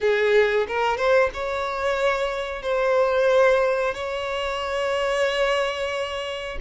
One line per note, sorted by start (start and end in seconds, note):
0.00 0.66 G#4
0.67 0.97 A#4
0.97 1.30 C5
1.33 2.62 C#5
2.62 3.94 C5
3.94 6.58 C#5